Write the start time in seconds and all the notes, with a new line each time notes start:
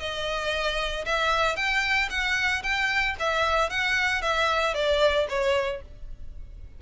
0.00 D#5
1.06 E5
1.56 G5
2.10 F#5
2.63 G5
3.19 E5
3.70 F#5
4.22 E5
4.74 D5
5.29 C#5